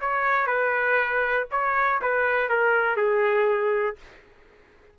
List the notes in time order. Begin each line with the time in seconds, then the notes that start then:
0.00 C#5
0.46 B4
1.51 C#5
2.01 B4
2.49 A#4
2.96 G#4